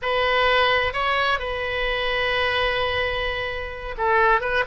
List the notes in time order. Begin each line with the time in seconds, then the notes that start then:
0.02 B4
0.93 C#5
1.39 B4
3.97 A4
4.41 B4